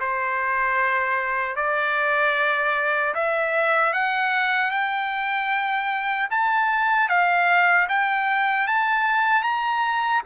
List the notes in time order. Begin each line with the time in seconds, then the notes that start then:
0.00 C5
1.56 D5
3.14 E5
3.93 F#5
4.70 G5
6.31 A5
7.09 F5
7.89 G5
8.67 A5
9.43 A#5